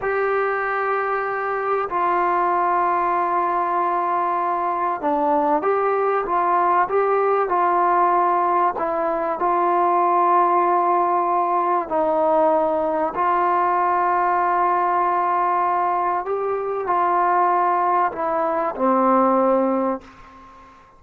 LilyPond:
\new Staff \with { instrumentName = "trombone" } { \time 4/4 \tempo 4 = 96 g'2. f'4~ | f'1 | d'4 g'4 f'4 g'4 | f'2 e'4 f'4~ |
f'2. dis'4~ | dis'4 f'2.~ | f'2 g'4 f'4~ | f'4 e'4 c'2 | }